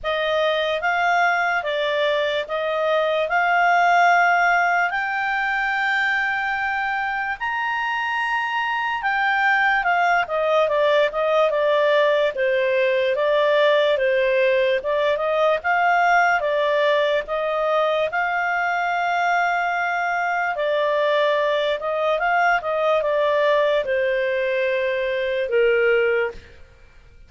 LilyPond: \new Staff \with { instrumentName = "clarinet" } { \time 4/4 \tempo 4 = 73 dis''4 f''4 d''4 dis''4 | f''2 g''2~ | g''4 ais''2 g''4 | f''8 dis''8 d''8 dis''8 d''4 c''4 |
d''4 c''4 d''8 dis''8 f''4 | d''4 dis''4 f''2~ | f''4 d''4. dis''8 f''8 dis''8 | d''4 c''2 ais'4 | }